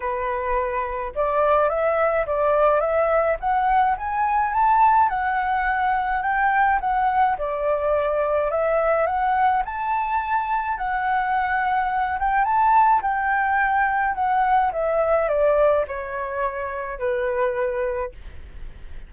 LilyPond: \new Staff \with { instrumentName = "flute" } { \time 4/4 \tempo 4 = 106 b'2 d''4 e''4 | d''4 e''4 fis''4 gis''4 | a''4 fis''2 g''4 | fis''4 d''2 e''4 |
fis''4 a''2 fis''4~ | fis''4. g''8 a''4 g''4~ | g''4 fis''4 e''4 d''4 | cis''2 b'2 | }